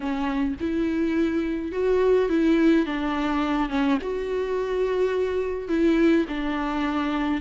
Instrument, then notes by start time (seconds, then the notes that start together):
viola
0.00 C#4
0.60 E4
1.72 F#4
2.29 E4
2.85 D4
3.69 C#4
4.01 F#4
5.68 E4
6.28 D4